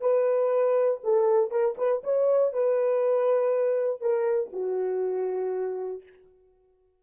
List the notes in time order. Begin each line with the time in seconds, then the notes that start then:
0.00 B4
1.03 A4
1.50 A#4
1.77 B4
2.03 C#5
2.52 B4
4.00 A#4
4.52 F#4